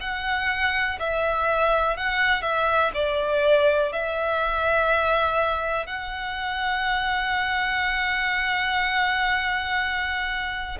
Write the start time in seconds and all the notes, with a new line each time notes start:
0.00 F#5
0.99 E5
1.96 F#5
2.41 E5
2.94 D5
3.92 E5
5.86 F#5